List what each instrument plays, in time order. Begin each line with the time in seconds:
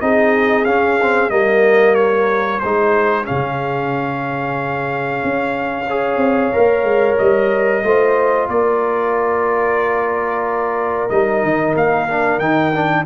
0.00 tuba C4, trombone D#4, horn G#4, trumpet D#5
0.65 tuba C#4, trombone C#4, trumpet F5
1.01 trombone C4
1.30 tuba G3, trombone A#3, horn A#4, trumpet D#5
1.95 trumpet C#5
2.60 tuba G#3, trombone D#4, horn G#4, trumpet C5
3.24 tuba C#3, trombone C#4, trumpet F5
5.24 tuba C#4
5.87 trombone G#4, horn C#5
6.17 tuba C4
6.53 tuba A#3, trombone A#4
6.83 tuba G#3
7.18 tuba G3, trumpet D#5
7.83 tuba A3, trombone F4, horn C5
8.48 tuba A#3, horn A#4, trumpet D5
11.09 tuba G3, trombone D#4, trumpet D#5
11.43 tuba D#3
11.75 tuba A#3, trumpet F5
12.08 trombone D4
12.39 tuba D#3, trombone D#4, trumpet G5
12.74 trombone D4